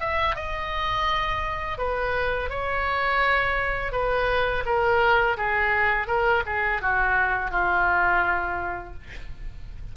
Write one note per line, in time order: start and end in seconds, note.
0.00 0.36 E5
0.36 1.78 D#5
1.78 2.49 B4
2.49 3.92 C#5
3.92 4.64 B4
4.66 5.37 A#4
5.37 6.07 G#4
6.07 6.43 A#4
6.46 6.81 G#4
6.82 7.51 F#4
7.51 8.94 F4